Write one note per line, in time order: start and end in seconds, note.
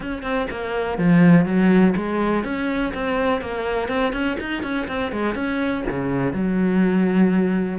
0.00 0.22 C#4
0.22 0.47 C4
0.50 0.98 A#3
0.98 1.45 F3
1.45 1.94 F#3
1.96 2.44 G#3
2.44 2.92 C#4
2.94 3.41 C4
3.41 3.88 A#3
3.88 4.12 C4
4.12 4.37 C#4
4.40 4.63 D#4
4.63 4.87 C#4
4.87 5.12 C4
5.12 5.34 G#3
5.34 5.83 C#4
5.89 6.33 C#3
6.33 7.78 F#3